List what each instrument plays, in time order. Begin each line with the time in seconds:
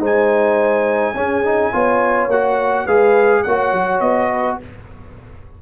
0.00 tuba G#3, trombone D#4, horn C5, trumpet G#5
1.15 tuba C#4, trombone C#4, horn G#4
1.45 trombone D#4
1.72 tuba B3, trombone F4, horn C#5
2.28 tuba A#3, trombone F#4, trumpet F#5
2.85 tuba G#3, trombone G#4, horn B4, trumpet F5
3.43 tuba A#3, trombone F#4, horn C#5, trumpet F#5
3.73 tuba F#3
4.00 tuba B3, trumpet D#5
4.30 horn B4